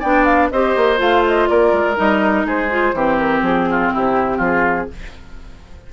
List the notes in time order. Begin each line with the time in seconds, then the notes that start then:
0.00 B3 D4 D5 G5
0.26 F5
0.51 C4 G4 C5 D#5
0.77 A#3
0.97 A3 F4 F5
1.28 D#5
1.48 A#3 A#4 D5
1.73 G#3
1.96 G3 D#4 D#5
2.45 G#3 G#4 C5
2.70 F4
2.93 E3 C4 G4
3.18 A#4
3.42 F3 G#4
3.71 F4
3.93 C3 E4 G4
4.37 F3 F4
4.44 G#4